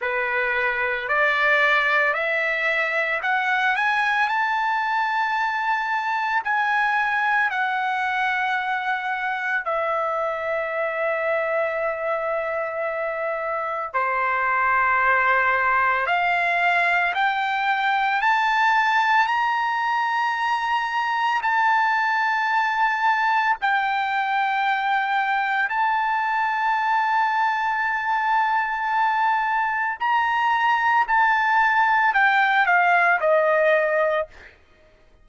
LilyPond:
\new Staff \with { instrumentName = "trumpet" } { \time 4/4 \tempo 4 = 56 b'4 d''4 e''4 fis''8 gis''8 | a''2 gis''4 fis''4~ | fis''4 e''2.~ | e''4 c''2 f''4 |
g''4 a''4 ais''2 | a''2 g''2 | a''1 | ais''4 a''4 g''8 f''8 dis''4 | }